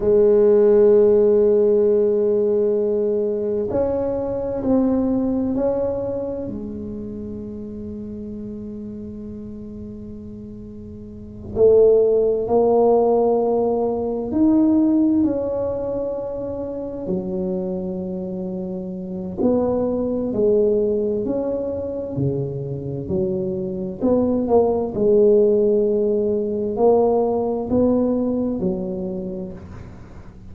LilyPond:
\new Staff \with { instrumentName = "tuba" } { \time 4/4 \tempo 4 = 65 gis1 | cis'4 c'4 cis'4 gis4~ | gis1~ | gis8 a4 ais2 dis'8~ |
dis'8 cis'2 fis4.~ | fis4 b4 gis4 cis'4 | cis4 fis4 b8 ais8 gis4~ | gis4 ais4 b4 fis4 | }